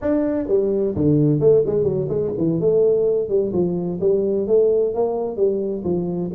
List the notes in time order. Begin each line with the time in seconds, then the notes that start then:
0.01 D4
0.48 G3
0.95 D3
1.40 A3
1.66 G#3
1.83 F#3
2.08 G#3
2.37 E3
2.60 A3
3.28 G3
3.52 F3
4.00 G3
4.47 A3
4.94 A#3
5.36 G3
5.84 F3